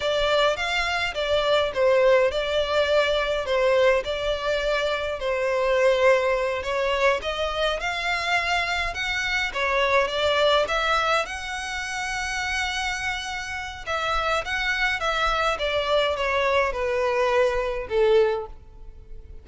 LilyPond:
\new Staff \with { instrumentName = "violin" } { \time 4/4 \tempo 4 = 104 d''4 f''4 d''4 c''4 | d''2 c''4 d''4~ | d''4 c''2~ c''8 cis''8~ | cis''8 dis''4 f''2 fis''8~ |
fis''8 cis''4 d''4 e''4 fis''8~ | fis''1 | e''4 fis''4 e''4 d''4 | cis''4 b'2 a'4 | }